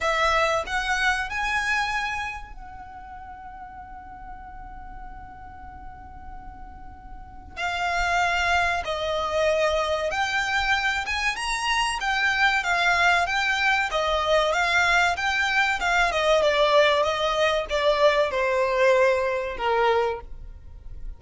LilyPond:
\new Staff \with { instrumentName = "violin" } { \time 4/4 \tempo 4 = 95 e''4 fis''4 gis''2 | fis''1~ | fis''1 | f''2 dis''2 |
g''4. gis''8 ais''4 g''4 | f''4 g''4 dis''4 f''4 | g''4 f''8 dis''8 d''4 dis''4 | d''4 c''2 ais'4 | }